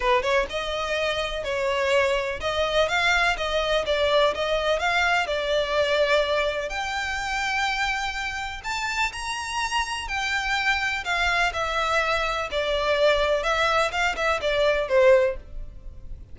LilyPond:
\new Staff \with { instrumentName = "violin" } { \time 4/4 \tempo 4 = 125 b'8 cis''8 dis''2 cis''4~ | cis''4 dis''4 f''4 dis''4 | d''4 dis''4 f''4 d''4~ | d''2 g''2~ |
g''2 a''4 ais''4~ | ais''4 g''2 f''4 | e''2 d''2 | e''4 f''8 e''8 d''4 c''4 | }